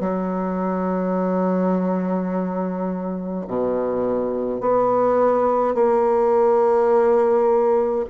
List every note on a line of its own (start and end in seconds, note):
0.00 3.46 F#3
3.47 4.60 B2
4.60 5.74 B3
5.74 8.05 A#3